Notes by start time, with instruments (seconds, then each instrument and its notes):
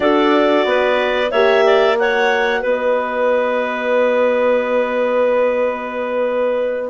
0.00 bassoon D4, horn F#4, clarinet A4 D5
0.64 bassoon B3, clarinet B4
1.31 bassoon A#3, horn G4, clarinet C#5 E5
1.65 clarinet D5
1.96 horn F#4, clarinet C#5 F#5
2.61 bassoon B3, clarinet B4 D#5